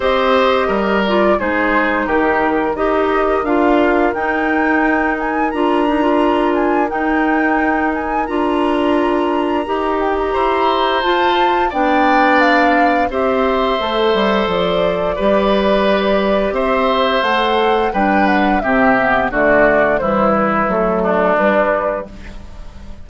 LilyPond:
<<
  \new Staff \with { instrumentName = "flute" } { \time 4/4 \tempo 4 = 87 dis''4. d''8 c''4 ais'4 | dis''4 f''4 g''4. gis''8 | ais''4. gis''8 g''4. gis''8 | ais''2~ ais''8 g''16 ais''4~ ais''16 |
a''4 g''4 f''4 e''4~ | e''4 d''2. | e''4 fis''4 g''8 fis''8 e''4 | d''4 c''8 b'8 a'4 b'4 | }
  \new Staff \with { instrumentName = "oboe" } { \time 4/4 c''4 ais'4 gis'4 g'4 | ais'1~ | ais'1~ | ais'2. c''4~ |
c''4 d''2 c''4~ | c''2 b'2 | c''2 b'4 g'4 | fis'4 e'4. d'4. | }
  \new Staff \with { instrumentName = "clarinet" } { \time 4/4 g'4. f'8 dis'2 | g'4 f'4 dis'2 | f'8 dis'16 f'4~ f'16 dis'2 | f'2 g'2 |
f'4 d'2 g'4 | a'2 g'2~ | g'4 a'4 d'4 c'8 b8 | a4 g4 a4 g4 | }
  \new Staff \with { instrumentName = "bassoon" } { \time 4/4 c'4 g4 gis4 dis4 | dis'4 d'4 dis'2 | d'2 dis'2 | d'2 dis'4 e'4 |
f'4 b2 c'4 | a8 g8 f4 g2 | c'4 a4 g4 c4 | d4 e4 fis4 g4 | }
>>